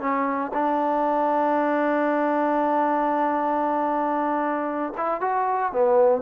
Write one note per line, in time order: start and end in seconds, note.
0.00 0.52 C#4
0.54 4.93 D4
4.97 5.21 E4
5.21 5.72 F#4
5.73 6.22 B3